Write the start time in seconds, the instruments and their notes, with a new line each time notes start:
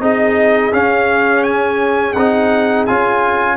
0.00 tuba C4, trombone D#4, horn G#4, trumpet D#5
0.72 trombone C#4, tuba C#4, trumpet F5
1.43 trumpet G#5
2.13 tuba C4, trombone D#4, trumpet F#5
2.86 tuba C#4, trombone F4, trumpet G#5